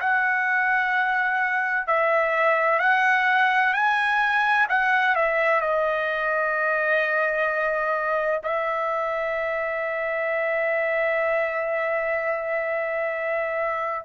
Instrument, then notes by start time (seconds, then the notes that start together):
trumpet
0.00 F#5
1.87 E5
2.79 F#5
3.73 G#5
4.69 F#5
5.15 E5
5.60 D#5
8.43 E5